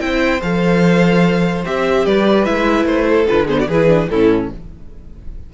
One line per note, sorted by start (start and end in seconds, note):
0.00 0.41 C4
0.00 0.41 E4
0.00 2.05 C5
0.00 0.41 G5
0.42 1.65 F3
0.42 1.64 A4
0.42 1.65 F5
1.65 2.06 C4
1.65 2.45 G4
1.65 2.06 E5
2.05 2.47 G3
2.05 3.07 B4
2.05 2.45 D5
2.45 2.85 G#3
2.45 3.27 E4
2.45 2.86 E5
2.85 3.26 A3
2.85 3.27 C5
3.10 3.46 A4
3.27 3.68 D3
3.27 3.48 F4
3.27 3.48 B4
3.46 3.68 B3
3.46 3.57 G#4
3.46 3.60 C5
3.59 3.68 F#4
3.59 3.68 D5
3.68 4.09 E3
3.68 3.87 E4
3.68 4.09 G#4
3.68 4.09 B4
3.87 4.08 D4
4.09 4.51 A2
4.09 4.53 C#4
4.09 4.52 E4
4.09 4.50 A4